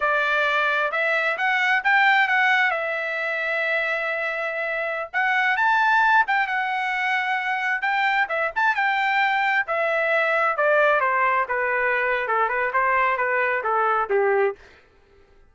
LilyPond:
\new Staff \with { instrumentName = "trumpet" } { \time 4/4 \tempo 4 = 132 d''2 e''4 fis''4 | g''4 fis''4 e''2~ | e''2.~ e''16 fis''8.~ | fis''16 a''4. g''8 fis''4.~ fis''16~ |
fis''4~ fis''16 g''4 e''8 a''8 g''8.~ | g''4~ g''16 e''2 d''8.~ | d''16 c''4 b'4.~ b'16 a'8 b'8 | c''4 b'4 a'4 g'4 | }